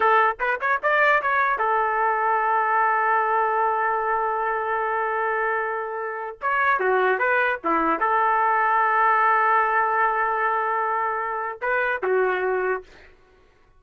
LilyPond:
\new Staff \with { instrumentName = "trumpet" } { \time 4/4 \tempo 4 = 150 a'4 b'8 cis''8 d''4 cis''4 | a'1~ | a'1~ | a'1 |
cis''4 fis'4 b'4 e'4 | a'1~ | a'1~ | a'4 b'4 fis'2 | }